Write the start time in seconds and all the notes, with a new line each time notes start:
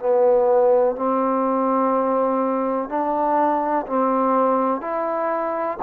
0.00 B3
0.96 C4
2.89 D4
3.87 C4
4.81 E4